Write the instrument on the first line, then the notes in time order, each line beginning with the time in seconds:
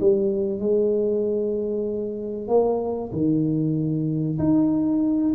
tuba
0.00 G3
0.59 G#3
2.47 A#3
3.12 D#3
4.38 D#4